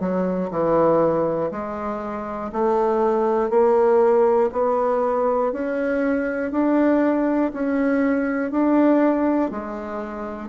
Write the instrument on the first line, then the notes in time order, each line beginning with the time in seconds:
bassoon
0.00 F#3
0.50 E3
1.50 G#3
2.52 A3
3.50 A#3
4.52 B3
5.52 C#4
6.51 D4
7.53 C#4
8.50 D4
9.50 G#3